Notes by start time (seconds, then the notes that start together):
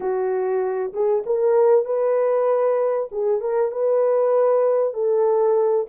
0.00 F#4
0.93 G#4
1.25 A#4
1.85 B4
3.11 G#4
3.40 A#4
3.71 B4
4.93 A4